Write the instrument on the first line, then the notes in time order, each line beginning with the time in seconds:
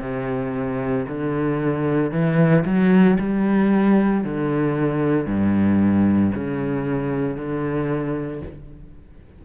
cello
0.00 C3
1.08 D3
2.11 E3
2.65 F#3
3.19 G3
4.24 D3
5.26 G2
6.34 C#3
7.36 D3